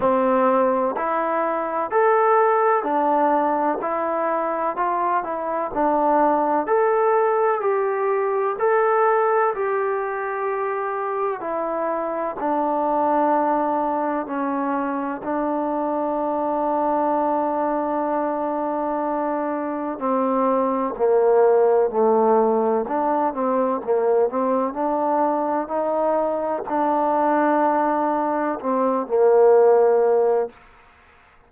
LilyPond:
\new Staff \with { instrumentName = "trombone" } { \time 4/4 \tempo 4 = 63 c'4 e'4 a'4 d'4 | e'4 f'8 e'8 d'4 a'4 | g'4 a'4 g'2 | e'4 d'2 cis'4 |
d'1~ | d'4 c'4 ais4 a4 | d'8 c'8 ais8 c'8 d'4 dis'4 | d'2 c'8 ais4. | }